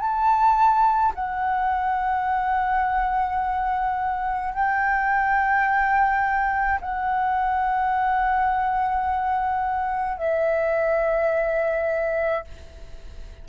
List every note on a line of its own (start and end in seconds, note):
0.00 1.13 A5
1.15 4.54 F#5
4.54 6.80 G5
6.81 10.18 F#5
10.18 12.44 E5